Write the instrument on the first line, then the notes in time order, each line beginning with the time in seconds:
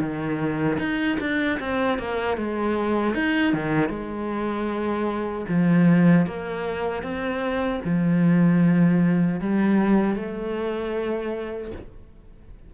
cello
0.00 D#3
0.79 D#4
1.20 D4
1.60 C4
1.98 A#3
2.37 G#3
3.15 D#4
3.53 D#3
3.89 G#3
5.49 F3
6.27 A#3
7.03 C4
7.85 F3
9.40 G3
10.16 A3